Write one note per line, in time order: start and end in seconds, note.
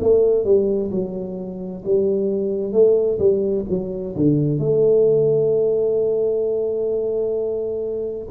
0.00 0.44 A3
0.44 0.91 G3
0.91 1.83 F#3
1.85 2.72 G3
2.72 3.18 A3
3.19 3.65 G3
3.69 4.15 F#3
4.16 4.59 D3
4.59 8.28 A3